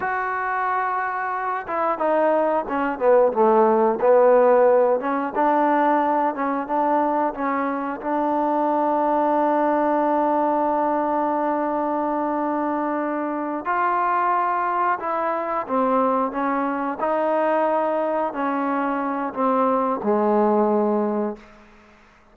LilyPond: \new Staff \with { instrumentName = "trombone" } { \time 4/4 \tempo 4 = 90 fis'2~ fis'8 e'8 dis'4 | cis'8 b8 a4 b4. cis'8 | d'4. cis'8 d'4 cis'4 | d'1~ |
d'1~ | d'8 f'2 e'4 c'8~ | c'8 cis'4 dis'2 cis'8~ | cis'4 c'4 gis2 | }